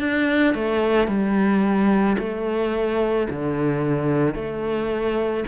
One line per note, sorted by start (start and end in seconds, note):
0.00 0.55 D4
0.55 1.08 A3
1.08 2.17 G3
2.19 3.28 A3
3.30 4.35 D3
4.35 5.44 A3